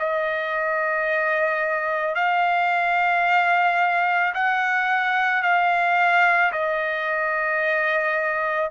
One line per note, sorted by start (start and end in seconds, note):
0.00 2.15 D#5
2.15 4.33 F5
4.35 5.43 F#5
5.43 6.52 F5
6.53 8.71 D#5